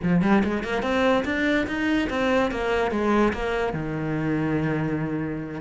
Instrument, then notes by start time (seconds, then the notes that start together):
cello
0.02 F3
0.22 G3
0.44 G#3
0.63 A#3
0.82 C4
1.25 D4
1.67 D#4
2.09 C4
2.51 A#3
2.91 G#3
3.33 A#3
3.73 D#3